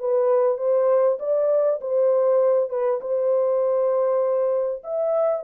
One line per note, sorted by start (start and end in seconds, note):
0.00 0.58 B4
0.58 1.18 C5
1.20 1.80 D5
1.81 2.70 C5
2.70 3.00 B4
3.01 4.83 C5
4.84 5.44 E5